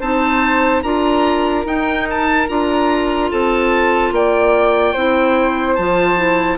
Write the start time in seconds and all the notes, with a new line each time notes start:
0.00 C4 D#4 C5 A5
0.83 D4 F4 A#4 A#5
1.65 D#4 G5
2.10 A5
2.48 D4 F4 A#5
3.31 C4 A4 A5
4.12 A#3 D5 G5
4.93 C4 E4 C5
5.76 F3 F4 A5
6.17 E4